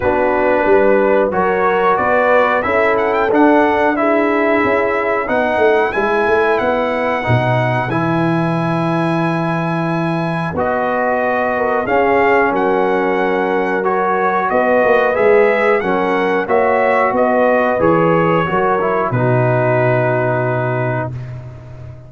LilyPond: <<
  \new Staff \with { instrumentName = "trumpet" } { \time 4/4 \tempo 4 = 91 b'2 cis''4 d''4 | e''8 fis''16 g''16 fis''4 e''2 | fis''4 gis''4 fis''2 | gis''1 |
dis''2 f''4 fis''4~ | fis''4 cis''4 dis''4 e''4 | fis''4 e''4 dis''4 cis''4~ | cis''4 b'2. | }
  \new Staff \with { instrumentName = "horn" } { \time 4/4 fis'4 b'4 ais'4 b'4 | a'2 gis'2 | b'1~ | b'1~ |
b'4. ais'8 gis'4 ais'4~ | ais'2 b'2 | ais'4 cis''4 b'2 | ais'4 fis'2. | }
  \new Staff \with { instrumentName = "trombone" } { \time 4/4 d'2 fis'2 | e'4 d'4 e'2 | dis'4 e'2 dis'4 | e'1 |
fis'2 cis'2~ | cis'4 fis'2 gis'4 | cis'4 fis'2 gis'4 | fis'8 e'8 dis'2. | }
  \new Staff \with { instrumentName = "tuba" } { \time 4/4 b4 g4 fis4 b4 | cis'4 d'2 cis'4 | b8 a8 gis8 a8 b4 b,4 | e1 |
b2 cis'4 fis4~ | fis2 b8 ais8 gis4 | fis4 ais4 b4 e4 | fis4 b,2. | }
>>